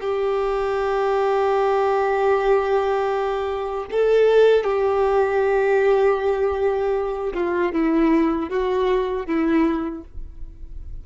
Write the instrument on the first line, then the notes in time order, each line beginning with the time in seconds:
violin
0.00 G4
3.91 A4
4.64 G4
7.33 F4
7.72 E4
8.49 F#4
9.26 E4